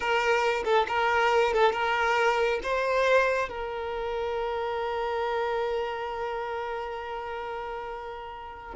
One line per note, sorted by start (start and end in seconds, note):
0.00 0.63 A#4
0.64 0.86 A4
0.88 1.53 A#4
1.53 1.72 A4
1.72 2.60 A#4
2.63 3.48 C5
3.48 8.74 A#4